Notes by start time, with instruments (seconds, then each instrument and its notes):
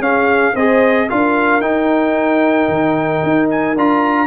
0.00 tuba C#4, trombone C#4, horn G#4, trumpet F5
0.54 tuba C4, trombone G#4, horn C5, trumpet D#5
1.09 tuba D4, trombone F4, horn A#4, trumpet F5
1.61 tuba D#4, trombone D#4, trumpet G5
2.69 tuba D#3
3.24 tuba D#4
3.50 trumpet G#5
3.76 tuba D4, trombone F4, trumpet A#5